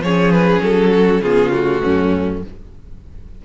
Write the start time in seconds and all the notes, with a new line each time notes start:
0.00 F3 C#4 G#4 C#5
0.32 B4
0.62 F#3 A4
0.91 F#4
1.21 C#3 B3 F4 G#4
1.52 A3 F#4
1.83 F#2 C#4